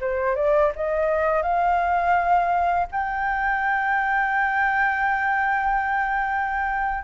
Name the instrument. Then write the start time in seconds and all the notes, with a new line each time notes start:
flute
0.00 C5
0.35 D5
0.75 D#5
1.42 F5
2.91 G5